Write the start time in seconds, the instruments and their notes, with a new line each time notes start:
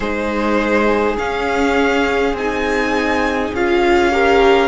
0.00 cello G#3, viola D#4, violin G#4 C5
1.17 viola C#4, cello C#4, violin F5
2.33 cello C4, viola D#4, violin G#5
3.53 cello C#4, viola F4, violin F5
4.12 viola G4, violin A#4